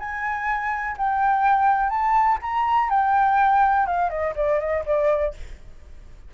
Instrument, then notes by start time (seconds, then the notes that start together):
flute
0.00 G#5
0.97 G5
1.90 A5
2.42 A#5
2.90 G5
3.86 F5
4.10 D#5
4.36 D5
4.60 D#5
4.86 D5